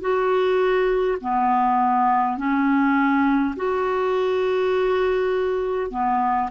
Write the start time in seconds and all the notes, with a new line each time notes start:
0.00 F#4
1.20 B3
2.37 C#4
3.56 F#4
5.90 B3